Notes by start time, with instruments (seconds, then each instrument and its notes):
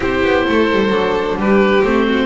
0.00 double bass C4, viola E4, violin G4, oboe C5
0.23 double bass B3
0.46 double bass A3, violin A4
0.71 double bass G3
0.89 double bass F#3, viola D4
1.36 double bass G3, violin G4, oboe B4
1.83 double bass A3, viola C4, oboe C5
2.08 violin F#4